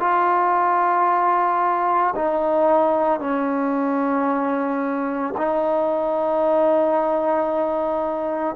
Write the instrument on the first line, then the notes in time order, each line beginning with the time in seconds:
trombone
0.00 F4
2.15 D#4
3.20 C#4
5.37 D#4